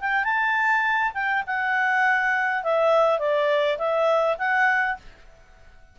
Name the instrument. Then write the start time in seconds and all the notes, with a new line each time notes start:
clarinet
0.00 G5
0.24 A5
1.14 G5
1.46 F#5
2.63 E5
3.19 D5
3.78 E5
4.38 F#5